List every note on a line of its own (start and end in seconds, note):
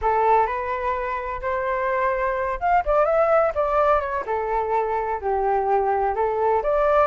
0.01 0.46 A4
0.46 1.40 B4
1.41 2.59 C5
2.60 2.83 F5
2.85 3.05 D5
3.05 3.52 E5
3.54 4.00 D5
4.00 4.24 C#5
4.25 5.20 A4
5.20 6.15 G4
6.15 6.62 A4
6.62 7.07 D5